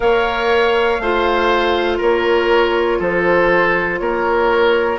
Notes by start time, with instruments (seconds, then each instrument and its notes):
0.00 bassoon A#3, clarinet A#4, oboe C#5, flute F5
0.99 bassoon A3, clarinet F4, oboe C5
1.98 bassoon A#3, oboe A#4, flute C#5
2.99 bassoon F3, oboe A4, flute C5
3.99 bassoon A#3, oboe A#4, flute C#5